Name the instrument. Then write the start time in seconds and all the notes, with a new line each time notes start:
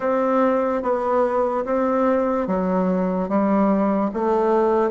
bassoon
0.00 C4
0.82 B3
1.65 C4
2.47 F#3
3.28 G3
4.13 A3